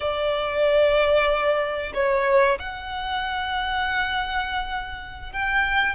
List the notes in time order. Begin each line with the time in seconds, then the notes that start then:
0.00 D5
1.94 C#5
2.59 F#5
5.32 G5